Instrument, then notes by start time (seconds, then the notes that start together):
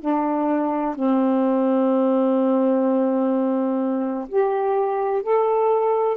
saxophone
0.00 D4
0.95 C4
4.29 G4
5.23 A4